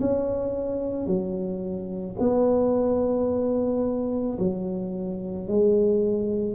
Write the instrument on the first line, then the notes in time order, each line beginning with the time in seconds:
tuba
0.00 C#4
1.07 F#3
2.19 B3
4.39 F#3
5.48 G#3